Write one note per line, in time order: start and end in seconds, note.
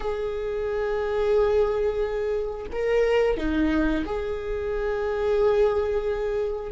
0.00 2.65 G#4
2.72 3.37 A#4
3.37 4.04 D#4
4.05 6.72 G#4